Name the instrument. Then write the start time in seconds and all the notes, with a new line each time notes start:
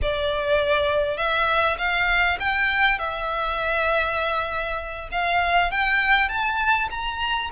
violin
0.01 D5
1.17 E5
1.78 F5
2.39 G5
2.98 E5
5.11 F5
5.71 G5
6.28 A5
6.90 A#5